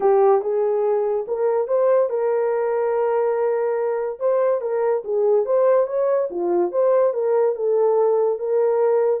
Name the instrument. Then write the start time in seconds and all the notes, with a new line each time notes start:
horn
0.00 G4
0.41 G#4
1.27 A#4
1.67 C5
2.09 A#4
4.19 C5
4.61 A#4
5.04 G#4
5.45 C5
5.86 C#5
6.30 F4
6.71 C5
7.13 A#4
7.55 A4
8.38 A#4